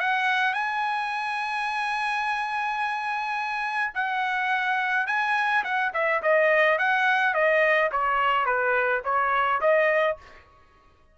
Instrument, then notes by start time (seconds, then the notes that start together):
trumpet
0.00 F#5
0.54 G#5
3.94 F#5
5.07 G#5
5.64 F#5
5.93 E5
6.22 D#5
6.78 F#5
7.34 D#5
7.91 C#5
8.45 B4
9.04 C#5
9.61 D#5